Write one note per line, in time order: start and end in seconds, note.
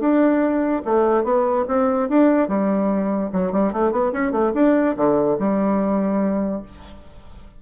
0.00 0.82 D4
0.85 1.24 A3
1.24 1.65 B3
1.68 2.09 C4
2.09 2.48 D4
2.48 3.30 G3
3.33 3.52 F#3
3.52 3.73 G3
3.73 3.92 A3
3.92 4.12 B3
4.13 4.32 C#4
4.32 4.52 A3
4.54 4.95 D4
4.97 5.38 D3
5.39 6.62 G3